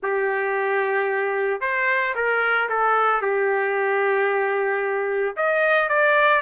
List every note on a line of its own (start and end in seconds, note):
0.03 1.60 G4
1.60 2.14 C5
2.15 2.68 A#4
2.69 3.21 A4
3.21 5.35 G4
5.36 5.88 D#5
5.88 6.41 D5